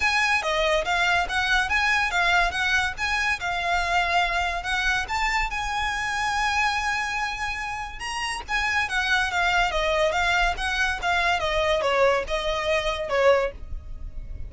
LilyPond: \new Staff \with { instrumentName = "violin" } { \time 4/4 \tempo 4 = 142 gis''4 dis''4 f''4 fis''4 | gis''4 f''4 fis''4 gis''4 | f''2. fis''4 | a''4 gis''2.~ |
gis''2. ais''4 | gis''4 fis''4 f''4 dis''4 | f''4 fis''4 f''4 dis''4 | cis''4 dis''2 cis''4 | }